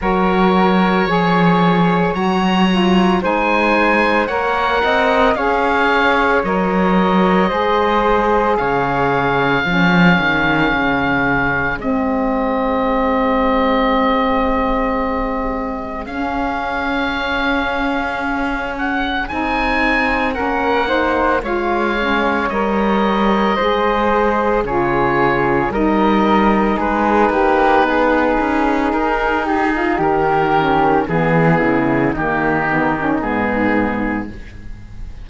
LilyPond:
<<
  \new Staff \with { instrumentName = "oboe" } { \time 4/4 \tempo 4 = 56 cis''2 ais''4 gis''4 | fis''4 f''4 dis''2 | f''2. dis''4~ | dis''2. f''4~ |
f''4. fis''8 gis''4 fis''4 | f''4 dis''2 cis''4 | dis''4 b'2 ais'8 gis'8 | ais'4 gis'4 g'4 gis'4 | }
  \new Staff \with { instrumentName = "flute" } { \time 4/4 ais'4 cis''2 c''4 | cis''8 dis''8 cis''2 c''4 | cis''4 gis'2.~ | gis'1~ |
gis'2. ais'8 c''8 | cis''2 c''4 gis'4 | ais'4 gis'8 g'8 gis'4. g'16 f'16 | g'4 gis'8 e'8 dis'2 | }
  \new Staff \with { instrumentName = "saxophone" } { \time 4/4 fis'4 gis'4 fis'8 f'8 dis'4 | ais'4 gis'4 ais'4 gis'4~ | gis'4 cis'2 c'4~ | c'2. cis'4~ |
cis'2 dis'4 cis'8 dis'8 | f'8 cis'8 ais'4 gis'4 f'4 | dis'1~ | dis'8 cis'8 b4 ais8 b16 cis'16 b4 | }
  \new Staff \with { instrumentName = "cello" } { \time 4/4 fis4 f4 fis4 gis4 | ais8 c'8 cis'4 fis4 gis4 | cis4 f8 dis8 cis4 gis4~ | gis2. cis'4~ |
cis'2 c'4 ais4 | gis4 g4 gis4 cis4 | g4 gis8 ais8 b8 cis'8 dis'4 | dis4 e8 cis8 dis4 gis,4 | }
>>